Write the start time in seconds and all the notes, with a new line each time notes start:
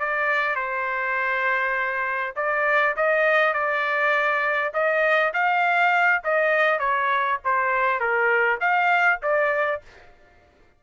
0.00 D5
0.56 C5
2.36 D5
2.96 D#5
3.54 D5
4.74 D#5
5.34 F5
6.24 D#5
6.80 C#5
7.45 C5
8.00 A#4
8.61 F5
9.22 D5